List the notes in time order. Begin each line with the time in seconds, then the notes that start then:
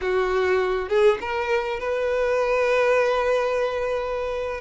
0.01 F#4
0.88 G#4
1.20 A#4
1.79 B4